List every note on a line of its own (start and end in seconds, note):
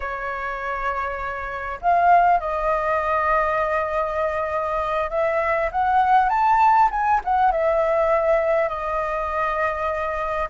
0.00 1.79 C#5
1.81 2.40 F5
2.40 5.10 D#5
5.10 5.70 E5
5.71 6.29 F#5
6.29 6.89 A5
6.90 7.20 G#5
7.24 7.51 F#5
7.51 8.68 E5
8.68 10.48 D#5